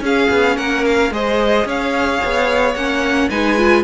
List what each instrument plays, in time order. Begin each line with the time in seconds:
0.00 cello C#4, viola C#4, violin G#4 F5
0.30 cello B3
0.56 cello A#3, violin A#4 F#5
0.85 violin F5
1.10 cello G#3, viola G#4, violin C5 D#5
1.65 cello C#4, violin C#5 F5
2.24 cello B3
2.74 cello A#3, viola C#4, violin F#5
3.29 cello G#3, viola D#4, violin B4 G#5
3.57 viola F4